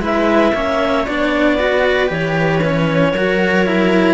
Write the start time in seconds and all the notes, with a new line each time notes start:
0.00 G#3 E4 B4 E5
0.54 A#3 C#4 C#5
1.06 B3 D4 D5
1.59 F#4 B4
2.07 E3 G4 C#5
2.63 C#4
3.13 F#3 F#4 A#4
3.66 E4